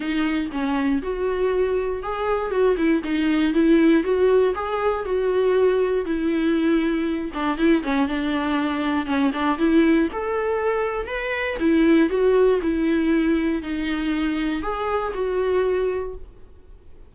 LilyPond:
\new Staff \with { instrumentName = "viola" } { \time 4/4 \tempo 4 = 119 dis'4 cis'4 fis'2 | gis'4 fis'8 e'8 dis'4 e'4 | fis'4 gis'4 fis'2 | e'2~ e'8 d'8 e'8 cis'8 |
d'2 cis'8 d'8 e'4 | a'2 b'4 e'4 | fis'4 e'2 dis'4~ | dis'4 gis'4 fis'2 | }